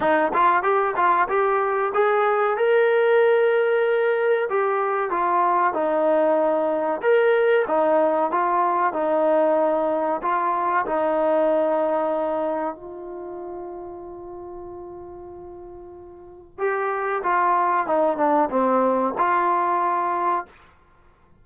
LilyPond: \new Staff \with { instrumentName = "trombone" } { \time 4/4 \tempo 4 = 94 dis'8 f'8 g'8 f'8 g'4 gis'4 | ais'2. g'4 | f'4 dis'2 ais'4 | dis'4 f'4 dis'2 |
f'4 dis'2. | f'1~ | f'2 g'4 f'4 | dis'8 d'8 c'4 f'2 | }